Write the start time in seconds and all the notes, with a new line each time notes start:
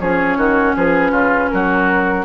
0.00 F3 C#4 G#4 C#5
0.37 D#3 F#4
0.77 F3 G#4 B4
1.11 C#3 F4
1.51 F#3 F#4 A#4